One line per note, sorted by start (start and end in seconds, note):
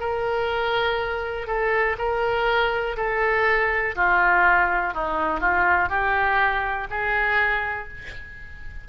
0.00 1.48 A#4
1.48 1.97 A4
1.99 2.97 A#4
2.97 3.95 A4
3.96 4.94 F4
4.94 5.41 D#4
5.41 5.89 F4
5.89 6.88 G4
6.90 7.89 G#4